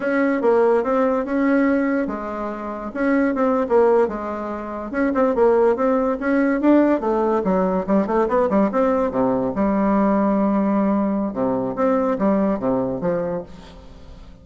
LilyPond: \new Staff \with { instrumentName = "bassoon" } { \time 4/4 \tempo 4 = 143 cis'4 ais4 c'4 cis'4~ | cis'4 gis2 cis'4 | c'8. ais4 gis2 cis'16~ | cis'16 c'8 ais4 c'4 cis'4 d'16~ |
d'8. a4 fis4 g8 a8 b16~ | b16 g8 c'4 c4 g4~ g16~ | g2. c4 | c'4 g4 c4 f4 | }